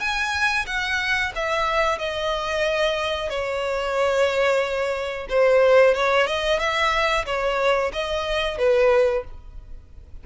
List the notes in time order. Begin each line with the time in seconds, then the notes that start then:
0.00 G#5
0.67 F#5
1.35 E5
1.99 D#5
3.30 C#5
5.29 C5
5.95 C#5
6.27 D#5
6.59 E5
7.26 C#5
7.93 D#5
8.58 B4